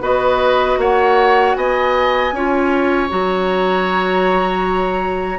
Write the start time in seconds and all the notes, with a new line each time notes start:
0.00 B3 F#4 B4 D#5
0.77 A#3 C#5 F#5
1.55 B3 D#5 G#5
2.32 C#4 F4 C#5
3.08 F#3 F#4 A#5